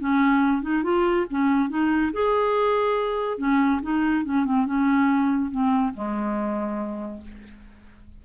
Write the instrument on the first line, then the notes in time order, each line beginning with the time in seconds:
clarinet
0.00 C#4
0.62 D#4
0.84 F4
1.31 C#4
1.70 D#4
2.13 G#4
3.38 C#4
3.82 D#4
4.25 C#4
4.45 C4
4.66 C#4
5.51 C4
5.95 G#3